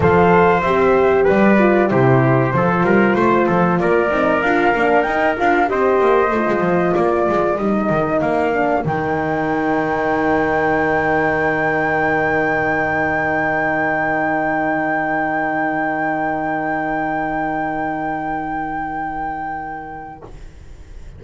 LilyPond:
<<
  \new Staff \with { instrumentName = "flute" } { \time 4/4 \tempo 4 = 95 f''4 e''4 d''4 c''4~ | c''2 d''4 f''4 | g''8 f''8 dis''2 d''4 | dis''4 f''4 g''2~ |
g''1~ | g''1~ | g''1~ | g''1 | }
  \new Staff \with { instrumentName = "trumpet" } { \time 4/4 c''2 b'4 g'4 | a'8 ais'8 c''8 a'8 ais'2~ | ais'4 c''2 ais'4~ | ais'1~ |
ais'1~ | ais'1~ | ais'1~ | ais'1 | }
  \new Staff \with { instrumentName = "horn" } { \time 4/4 a'4 g'4. f'8 e'4 | f'2~ f'8 dis'8 f'8 d'8 | dis'8 f'8 g'4 f'2 | dis'4. d'8 dis'2~ |
dis'1~ | dis'1~ | dis'1~ | dis'1 | }
  \new Staff \with { instrumentName = "double bass" } { \time 4/4 f4 c'4 g4 c4 | f8 g8 a8 f8 ais8 c'8 d'8 ais8 | dis'8 d'8 c'8 ais8 a16 gis16 f8 ais8 gis8 | g8 dis8 ais4 dis2~ |
dis1~ | dis1~ | dis1~ | dis1 | }
>>